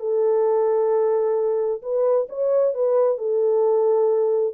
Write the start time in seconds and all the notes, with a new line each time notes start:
0.00 A4
1.82 B4
2.29 C#5
2.74 B4
3.18 A4